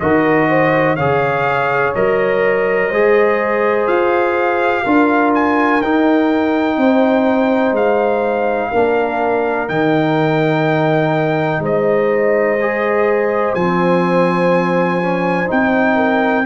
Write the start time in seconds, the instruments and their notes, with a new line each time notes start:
0.00 tuba D#3, trombone F#4, horn A#4, trumpet D#5
0.50 horn C5
0.96 tuba C#3, trombone G#4, horn C#5, trumpet F5
1.96 tuba F#3, trombone A#4, trumpet D#5
2.89 tuba G#3, trombone G#4, horn C5
3.87 tuba F4, trumpet F5
4.84 tuba D4, trombone F4, horn A#4
5.35 trumpet G#5
5.81 tuba D#4, trombone D#4, trumpet G5
6.78 tuba C4, horn C5
7.72 tuba G#3, trumpet F5
8.71 tuba A#3, trombone D4, horn A#4
9.69 tuba D#3, trombone D#4, trumpet G5
11.60 tuba G#3, horn C5, trumpet D#5
12.61 trombone G#4
13.55 tuba F3, trombone C4, trumpet G#5
15.02 trombone C#4
15.47 tuba C4, trombone D#4, trumpet G5
15.96 horn A#4